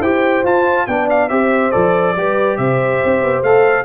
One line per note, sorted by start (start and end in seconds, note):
0.00 0.44 E4
0.00 0.45 G4
0.00 0.86 C5
0.00 0.45 G5
0.44 0.87 F4
0.44 0.88 F4
0.44 0.87 A5
0.87 1.31 B3
0.87 1.30 D4
0.87 1.30 D5
0.87 1.08 G5
1.10 1.29 F5
1.29 1.74 C4
1.29 1.72 G4
1.29 2.16 C5
1.29 1.72 E5
1.72 2.16 F3
1.72 2.15 A4
1.72 2.57 D5
2.16 2.58 G3
2.16 3.46 G4
2.16 2.59 B4
2.58 3.01 C3
2.58 3.85 C5
2.58 3.43 E5
3.05 3.22 C4
3.22 3.43 B3
3.43 3.85 A3
3.43 3.85 A4
3.43 3.85 F5